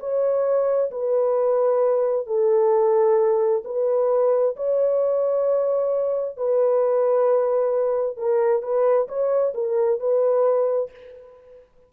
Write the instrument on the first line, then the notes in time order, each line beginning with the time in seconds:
horn
0.00 C#5
0.91 B4
2.27 A4
3.65 B4
4.57 C#5
6.38 B4
8.17 A#4
8.63 B4
9.09 C#5
9.55 A#4
10.00 B4